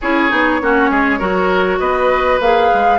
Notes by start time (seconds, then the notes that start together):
0.01 C#4 E4 G#4 C#5
0.30 B3 D#4
0.61 A#3 C#4 F#4
0.90 G#3 G#4
1.19 F#3 F#4 A#4
1.79 B3 B4 D#5
2.40 A#3 G#4 F5
2.73 G#3